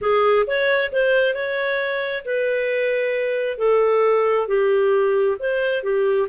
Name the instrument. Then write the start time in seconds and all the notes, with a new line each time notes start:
clarinet
0.01 G#4
0.46 C#5
0.92 C5
1.34 C#5
2.24 B4
3.58 A4
4.47 G4
5.39 C5
5.83 G4